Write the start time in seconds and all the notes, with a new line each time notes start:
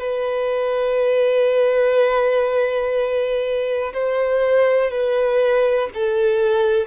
0.00 B4
3.94 C5
4.91 B4
5.95 A4